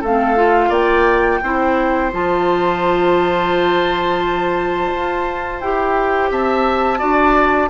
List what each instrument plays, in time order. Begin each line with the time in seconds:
0.00 bassoon A3, oboe A4, flute F5
0.07 clarinet C4
0.35 clarinet F4
0.69 bassoon A#3, oboe D5, flute G5
1.43 bassoon C4, clarinet E4, oboe C5
2.12 bassoon F3, clarinet F4, flute A5
4.92 bassoon F4
5.60 bassoon E4, clarinet G4, flute G5
6.31 bassoon C4, oboe E5, flute A5
6.98 bassoon D4, clarinet F#4, oboe D5